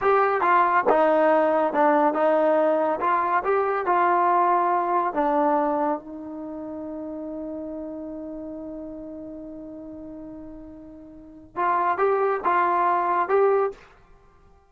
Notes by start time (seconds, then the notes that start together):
0.01 G4
0.41 F4
0.89 D#4
1.73 D4
2.13 D#4
3.00 F4
3.43 G4
3.86 F4
5.13 D4
5.99 D#4
11.56 F4
11.97 G4
12.44 F4
13.28 G4